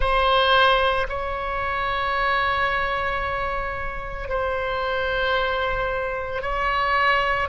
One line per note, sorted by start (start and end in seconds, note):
0.00 1.07 C5
1.08 4.29 C#5
4.29 6.41 C5
6.41 7.48 C#5